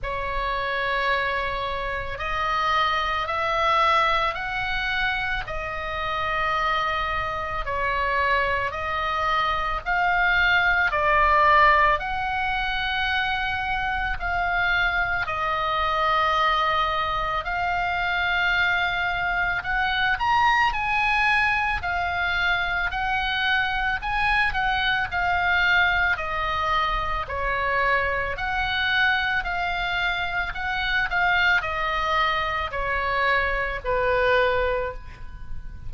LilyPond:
\new Staff \with { instrumentName = "oboe" } { \time 4/4 \tempo 4 = 55 cis''2 dis''4 e''4 | fis''4 dis''2 cis''4 | dis''4 f''4 d''4 fis''4~ | fis''4 f''4 dis''2 |
f''2 fis''8 ais''8 gis''4 | f''4 fis''4 gis''8 fis''8 f''4 | dis''4 cis''4 fis''4 f''4 | fis''8 f''8 dis''4 cis''4 b'4 | }